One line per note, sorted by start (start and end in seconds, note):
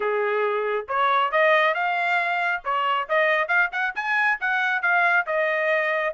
0.00 0.86 G#4
0.88 1.31 C#5
1.31 1.74 D#5
1.74 2.61 F5
2.64 3.08 C#5
3.08 3.48 D#5
3.48 3.70 F5
3.72 3.94 F#5
3.95 4.38 G#5
4.40 4.82 F#5
4.82 5.26 F5
5.26 6.14 D#5